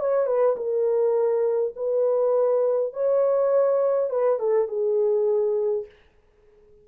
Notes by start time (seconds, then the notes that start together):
0.00 C#5
0.26 B4
0.56 A#4
1.76 B4
2.93 C#5
4.10 B4
4.39 A4
4.68 G#4